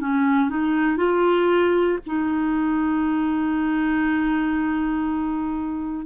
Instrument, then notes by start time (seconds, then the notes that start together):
clarinet
0.00 C#4
0.49 D#4
0.97 F4
2.06 D#4